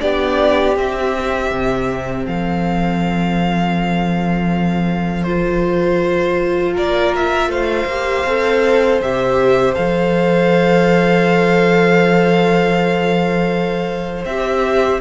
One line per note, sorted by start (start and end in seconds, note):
0.00 0.77 B3
0.00 0.75 D4
0.00 2.25 G4
0.00 0.75 D5
0.77 1.51 C4
0.77 5.26 C4
0.77 2.26 E5
1.51 2.26 C3
2.25 6.76 F3
2.25 6.75 A4
2.25 5.23 F5
5.23 7.88 F4
5.23 6.73 C5
6.75 7.48 A#3
6.75 7.50 A#4
6.75 7.15 D5
7.16 7.51 E5
7.48 7.85 A3
7.48 15.00 C5
7.48 9.01 F5
7.85 8.23 A#3
7.85 8.27 G4
8.26 9.01 C4
8.26 9.02 A4
9.01 9.76 C3
9.01 9.75 G4
9.01 9.75 E5
9.75 14.25 F3
9.75 14.25 A4
9.75 14.25 F5
14.25 15.00 C4
14.25 15.01 G4
14.25 15.01 E5